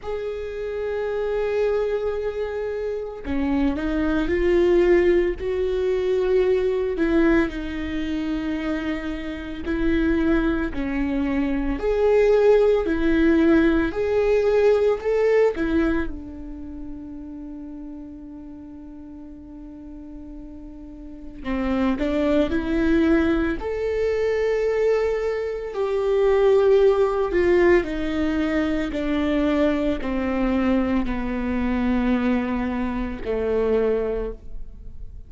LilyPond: \new Staff \with { instrumentName = "viola" } { \time 4/4 \tempo 4 = 56 gis'2. cis'8 dis'8 | f'4 fis'4. e'8 dis'4~ | dis'4 e'4 cis'4 gis'4 | e'4 gis'4 a'8 e'8 d'4~ |
d'1 | c'8 d'8 e'4 a'2 | g'4. f'8 dis'4 d'4 | c'4 b2 a4 | }